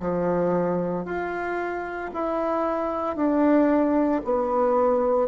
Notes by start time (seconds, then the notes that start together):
0.00 F3
1.05 F4
2.14 E4
3.16 D4
4.24 B3